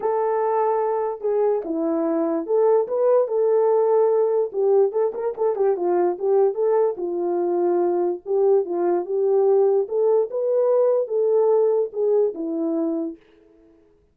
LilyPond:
\new Staff \with { instrumentName = "horn" } { \time 4/4 \tempo 4 = 146 a'2. gis'4 | e'2 a'4 b'4 | a'2. g'4 | a'8 ais'8 a'8 g'8 f'4 g'4 |
a'4 f'2. | g'4 f'4 g'2 | a'4 b'2 a'4~ | a'4 gis'4 e'2 | }